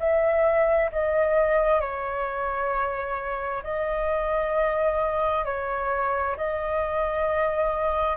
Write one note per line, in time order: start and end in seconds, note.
0.00 0.91 E5
0.92 1.81 D#5
1.81 3.62 C#5
3.64 5.45 D#5
5.45 6.36 C#5
6.37 8.17 D#5